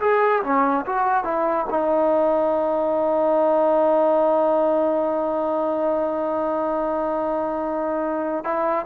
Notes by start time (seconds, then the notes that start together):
0.00 G#4
0.43 C#4
0.86 F#4
1.24 E4
1.69 D#4
8.44 E4